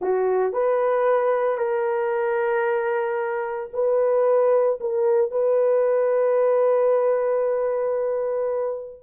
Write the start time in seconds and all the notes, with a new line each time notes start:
0.01 F#4
0.52 B4
1.57 A#4
3.73 B4
4.80 A#4
5.31 B4